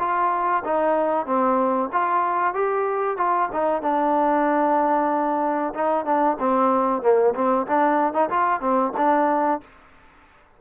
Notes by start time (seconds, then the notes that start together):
0.00 F4
0.65 D#4
1.26 C4
1.93 F4
2.55 G4
3.18 F4
3.53 D#4
3.82 D4
5.74 D#4
6.06 D4
6.40 C4
7.03 A#3
7.35 C4
7.67 D4
8.14 D#4
8.30 F4
8.61 C4
8.97 D4